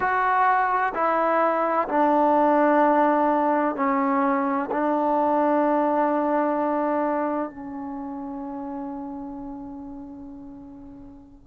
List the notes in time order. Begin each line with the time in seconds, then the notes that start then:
0.00 F#4
0.94 E4
1.88 D4
3.75 C#4
4.71 D4
7.50 C#4